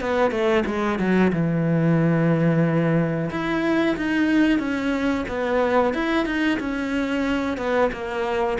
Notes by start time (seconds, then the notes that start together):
0.00 B3
0.30 A3
0.66 G#3
0.98 F#3
1.32 E3
3.30 E4
3.96 D#4
4.59 C#4
5.28 B3
5.93 E4
6.25 D#4
6.59 C#4
7.57 B3
7.92 A#3